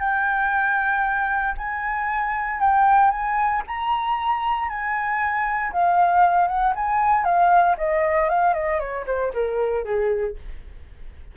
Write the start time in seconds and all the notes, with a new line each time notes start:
0.00 G5
1.58 G#5
2.60 G5
3.11 G#5
3.67 A#5
4.69 G#5
5.72 F5
6.48 F#5
6.75 G#5
7.25 F5
7.78 D#5
8.29 F5
8.54 D#5
8.80 C#5
9.07 C5
9.34 A#4
9.85 G#4